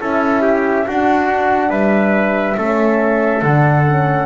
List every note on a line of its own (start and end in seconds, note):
0.00 0.86 C#4
0.00 0.86 E4
0.00 0.42 A4
0.00 0.87 E5
0.42 0.85 G4
0.87 2.57 D4
0.87 1.70 D4
0.87 1.69 F#4
0.87 1.71 F#5
1.69 2.55 G3
1.69 2.55 B4
1.69 3.42 E5
2.57 3.42 A3
2.57 3.43 C#4
2.57 4.26 A4
3.42 4.26 D3
3.42 3.86 D4
3.42 4.26 F#5
3.86 4.26 C#4